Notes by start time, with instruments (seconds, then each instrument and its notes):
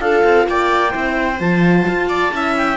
0.00 cello D4, horn F4, viola A4, clarinet F5
0.24 cello C4
0.48 cello A#3, viola D5, clarinet G5
0.90 cello C4, horn E4, viola C5
1.40 cello F3, horn F4, clarinet A5
1.87 cello F4
2.09 viola D5
2.32 cello C#4, horn E4, viola E5
2.57 clarinet G5